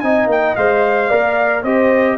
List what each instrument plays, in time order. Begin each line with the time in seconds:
0.00 tuba C4, trombone D#4, horn D#5, trumpet G#5
0.27 tuba A#3, trumpet G5
0.56 tuba G#3, trombone C5, trumpet F5
1.09 tuba A#3, trombone A#4, horn D5
1.63 tuba C4, trombone G4, horn C5, trumpet D#5